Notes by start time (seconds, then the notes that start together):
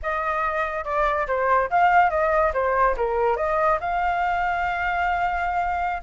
0.02 D#5
0.84 D5
1.27 C5
1.70 F5
2.10 D#5
2.53 C5
2.96 A#4
3.36 D#5
3.80 F5